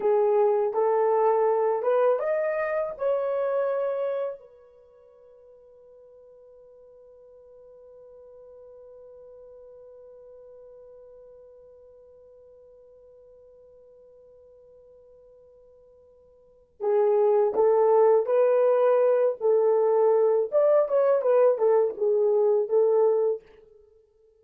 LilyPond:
\new Staff \with { instrumentName = "horn" } { \time 4/4 \tempo 4 = 82 gis'4 a'4. b'8 dis''4 | cis''2 b'2~ | b'1~ | b'1~ |
b'1~ | b'2. gis'4 | a'4 b'4. a'4. | d''8 cis''8 b'8 a'8 gis'4 a'4 | }